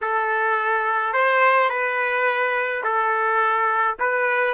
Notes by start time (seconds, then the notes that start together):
0.01 A4
1.13 C5
1.69 B4
2.83 A4
3.99 B4